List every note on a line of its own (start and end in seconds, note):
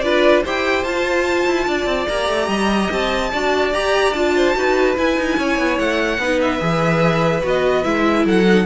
0.00 0.44 D4
0.00 0.45 F4
0.00 0.44 B4
0.00 0.41 D5
0.44 0.84 E4
0.44 0.86 G4
0.44 1.67 C5
0.44 0.84 G5
0.84 1.46 F4
0.84 2.09 F4
0.84 2.07 A5
1.46 1.67 E4
1.67 1.86 D4
1.67 2.49 D5
1.86 2.06 C4
2.08 2.29 A#3
2.08 3.33 G4
2.08 2.90 A#5
2.29 2.48 A3
2.48 2.89 G3
2.48 3.31 D#5
2.92 3.33 C4
2.92 3.74 A5
3.32 3.74 D4
3.32 3.73 F#4
3.32 4.35 D5
3.73 4.14 G4
3.73 4.13 G4
3.73 4.13 A#5
4.13 4.55 D4
4.13 4.55 F4
4.13 4.95 A5
4.36 4.56 C5
4.55 4.97 D#4
4.55 4.96 F#4
4.55 5.39 B4
4.96 6.19 E4
4.96 5.17 E4
4.96 5.79 G#5
5.17 5.38 D#4
5.38 5.58 C#4
5.38 6.21 C#5
5.58 5.79 B3
5.79 6.18 A3
5.79 6.40 F#5
6.18 6.59 B3
6.18 6.59 D#4
6.18 8.25 B4
6.41 7.44 E5
6.59 7.43 E3
6.59 7.42 G#4
7.43 7.85 B3
7.43 7.83 F#4
7.43 7.84 D#5
7.83 8.26 G#3
7.83 8.45 E4
7.83 8.25 E5
8.25 8.66 F#3
8.25 8.66 A4
8.25 8.66 F#5
8.47 8.66 D#4